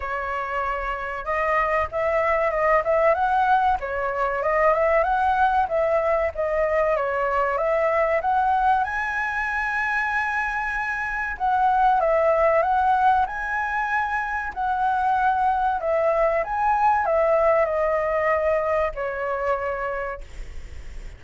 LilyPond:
\new Staff \with { instrumentName = "flute" } { \time 4/4 \tempo 4 = 95 cis''2 dis''4 e''4 | dis''8 e''8 fis''4 cis''4 dis''8 e''8 | fis''4 e''4 dis''4 cis''4 | e''4 fis''4 gis''2~ |
gis''2 fis''4 e''4 | fis''4 gis''2 fis''4~ | fis''4 e''4 gis''4 e''4 | dis''2 cis''2 | }